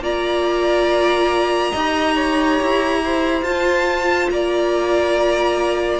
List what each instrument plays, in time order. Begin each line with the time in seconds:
0.00 cello A#3, viola F4, violin D5 A#5
1.72 cello D#4, viola G4, violin D#5
2.16 violin C#5
2.62 cello E4
3.05 violin C5
3.43 cello F4, viola F4, violin A5
4.31 cello A#3, violin D5 A#5